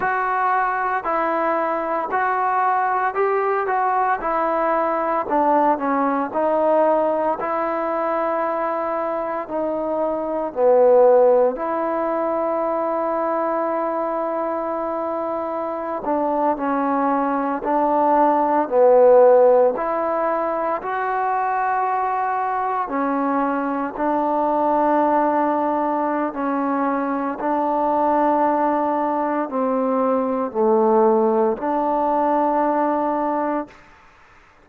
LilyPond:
\new Staff \with { instrumentName = "trombone" } { \time 4/4 \tempo 4 = 57 fis'4 e'4 fis'4 g'8 fis'8 | e'4 d'8 cis'8 dis'4 e'4~ | e'4 dis'4 b4 e'4~ | e'2.~ e'16 d'8 cis'16~ |
cis'8. d'4 b4 e'4 fis'16~ | fis'4.~ fis'16 cis'4 d'4~ d'16~ | d'4 cis'4 d'2 | c'4 a4 d'2 | }